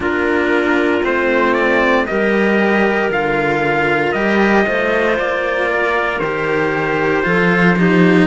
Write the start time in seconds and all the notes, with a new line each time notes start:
0.00 A#3 D4 F4 A#4
1.03 A3 C4 C5
1.53 D5
2.06 G3 G4 A#4 D#5
3.10 D3 F4 F5
4.12 G3 G4 D#5
4.65 A3 F4 C5
5.18 A#3 D5
5.69 A#4
6.19 D#3 G4 C5
7.23 F3 F4 A4
7.78 D#4 G4